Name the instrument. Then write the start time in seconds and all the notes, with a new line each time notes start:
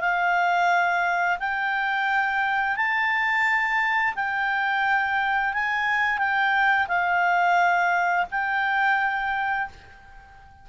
clarinet
0.00 F5
1.39 G5
2.76 A5
4.15 G5
5.53 G#5
6.18 G5
6.88 F5
8.31 G5